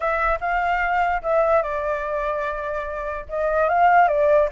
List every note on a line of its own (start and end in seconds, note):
0.00 0.38 E5
0.40 1.22 F5
1.22 1.62 E5
1.62 3.25 D5
3.28 3.68 D#5
3.68 4.08 F5
4.08 4.49 D5